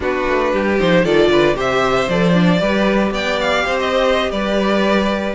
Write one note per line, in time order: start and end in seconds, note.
0.00 0.25 B3
0.00 0.76 D4
0.00 0.52 F#4
0.00 0.79 B4
0.27 0.53 A3
0.52 0.79 G3
0.52 1.04 G4
0.79 1.05 F3
0.79 1.05 D#4
0.79 1.04 C5
1.04 1.28 D#3
1.04 1.54 F4
1.04 1.30 A4
1.04 1.56 D5
1.28 1.55 D3
1.28 1.56 B4
1.54 2.08 C3
1.54 2.07 G4
1.54 2.60 C5
1.54 2.08 E5
2.08 2.61 F3
2.08 2.33 A4
2.08 3.13 D5
2.33 2.59 D4
2.60 3.10 G3
2.60 5.34 G4
2.60 3.12 B4
3.10 3.63 B3
3.10 3.65 D5
3.10 3.39 G5
3.39 3.79 F5
3.65 4.31 C4
3.65 4.30 C5
3.79 4.31 D#5
4.31 5.34 G3
4.31 5.34 B4
4.31 5.34 D5